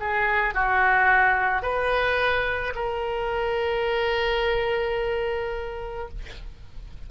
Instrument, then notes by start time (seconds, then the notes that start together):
oboe
0.00 G#4
0.54 F#4
1.62 B4
2.75 A#4